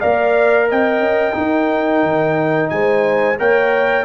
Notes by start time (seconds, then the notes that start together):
0.00 A#3 A#4 D5 F5
0.69 C4 D#5 G5
1.00 C#4
1.34 D#4 A#4
2.03 D#3
2.70 G#3 C5 G#5
3.39 A#3 A#4 C#5 G5